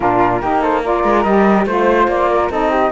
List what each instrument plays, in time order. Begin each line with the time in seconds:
0.00 cello A#2, saxophone D4, flute F4 A#4
0.41 cello A#3, saxophone D#4, flute G4
0.61 flute A4 C5
0.82 saxophone F4, flute A#4 D5
1.04 cello G#3
1.23 cello G3, saxophone G4, flute D#5
1.66 cello A3, saxophone F4, flute C5
2.07 cello A#3, flute D5
2.30 flute A#4
2.49 cello C4, saxophone D#4, flute A4 D#5
2.70 flute G4